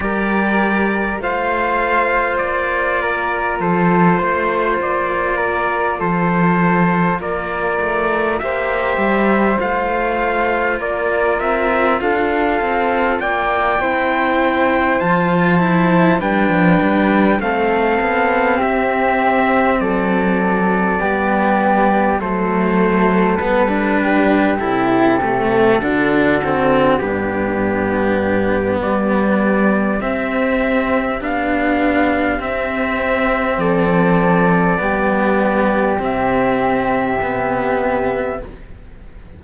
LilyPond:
<<
  \new Staff \with { instrumentName = "trumpet" } { \time 4/4 \tempo 4 = 50 d''4 f''4 d''4 c''4 | d''4 c''4 d''4 e''4 | f''4 d''8 e''8 f''4 g''4~ | g''8 a''4 g''4 f''4 e''8~ |
e''8 d''2 c''4 b'8~ | b'8 a'2 g'4. | d''4 e''4 f''4 e''4 | d''2 e''2 | }
  \new Staff \with { instrumentName = "flute" } { \time 4/4 ais'4 c''4. ais'8 a'8 c''8~ | c''8 ais'8 a'4 ais'4 c''4~ | c''4 ais'4 a'4 d''8 c''8~ | c''4. b'4 a'4 g'8~ |
g'8 a'4 g'4 a'4. | g'4. fis'4 d'4. | g'1 | a'4 g'2. | }
  \new Staff \with { instrumentName = "cello" } { \time 4/4 g'4 f'2.~ | f'2. g'4 | f'2.~ f'8 e'8~ | e'8 f'8 e'8 d'4 c'4.~ |
c'4. b4 a4 b16 d'16~ | d'8 e'8 a8 d'8 c'8 b4.~ | b4 c'4 d'4 c'4~ | c'4 b4 c'4 b4 | }
  \new Staff \with { instrumentName = "cello" } { \time 4/4 g4 a4 ais4 f8 a8 | ais4 f4 ais8 a8 ais8 g8 | a4 ais8 c'8 d'8 c'8 ais8 c'8~ | c'8 f4 g16 f16 g8 a8 b8 c'8~ |
c'8 fis4 g4 fis4 g8~ | g8 c4 d4 g,4. | g4 c'4 b4 c'4 | f4 g4 c2 | }
>>